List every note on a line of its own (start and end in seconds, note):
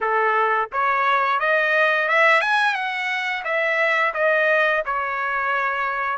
0.00 0.69 A4
0.72 1.39 C#5
1.39 2.08 D#5
2.08 2.41 E5
2.41 2.74 G#5
2.74 3.43 F#5
3.44 4.13 E5
4.14 4.83 D#5
4.85 6.18 C#5